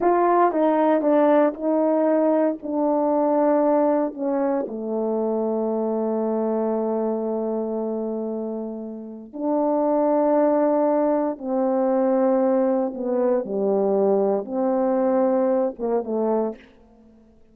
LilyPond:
\new Staff \with { instrumentName = "horn" } { \time 4/4 \tempo 4 = 116 f'4 dis'4 d'4 dis'4~ | dis'4 d'2. | cis'4 a2.~ | a1~ |
a2 d'2~ | d'2 c'2~ | c'4 b4 g2 | c'2~ c'8 ais8 a4 | }